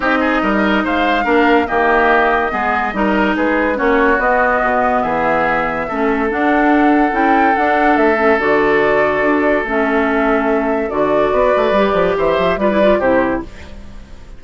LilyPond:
<<
  \new Staff \with { instrumentName = "flute" } { \time 4/4 \tempo 4 = 143 dis''2 f''2 | dis''1 | b'4 cis''4 dis''2 | e''2. fis''4~ |
fis''4 g''4 fis''4 e''4 | d''2. e''4~ | e''2 d''2~ | d''4 e''4 d''4 c''4 | }
  \new Staff \with { instrumentName = "oboe" } { \time 4/4 g'8 gis'8 ais'4 c''4 ais'4 | g'2 gis'4 ais'4 | gis'4 fis'2. | gis'2 a'2~ |
a'1~ | a'1~ | a'2. b'4~ | b'4 c''4 b'4 g'4 | }
  \new Staff \with { instrumentName = "clarinet" } { \time 4/4 dis'2. d'4 | ais2 b4 dis'4~ | dis'4 cis'4 b2~ | b2 cis'4 d'4~ |
d'4 e'4 d'4. cis'8 | fis'2. cis'4~ | cis'2 fis'2 | g'2 f'16 e'16 f'8 e'4 | }
  \new Staff \with { instrumentName = "bassoon" } { \time 4/4 c'4 g4 gis4 ais4 | dis2 gis4 g4 | gis4 ais4 b4 b,4 | e2 a4 d'4~ |
d'4 cis'4 d'4 a4 | d2 d'4 a4~ | a2 d4 b8 a8 | g8 f8 e8 f8 g4 c4 | }
>>